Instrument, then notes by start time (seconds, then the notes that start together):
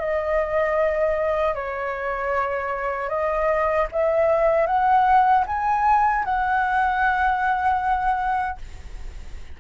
flute
0.00 D#5
1.55 C#5
3.10 D#5
3.92 E5
4.67 F#5
5.47 G#5
6.25 F#5